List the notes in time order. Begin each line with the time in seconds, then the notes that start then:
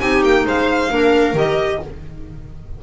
0.00 C4 D#4 G4 G#5
0.23 A#3 G5
0.45 G#3 C5 F5
0.89 A#3 D4 A#4
1.33 D#3 G4 D#5